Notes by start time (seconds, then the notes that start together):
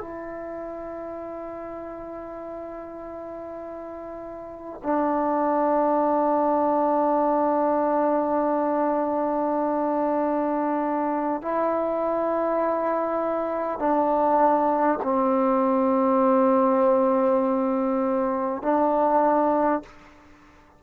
0.00 E4
4.83 D4
11.41 E4
13.78 D4
15.03 C4
18.62 D4